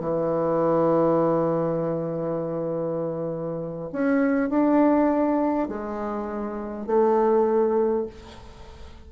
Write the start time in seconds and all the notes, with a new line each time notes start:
0.00 E3
3.92 C#4
4.50 D4
5.68 G#3
6.87 A3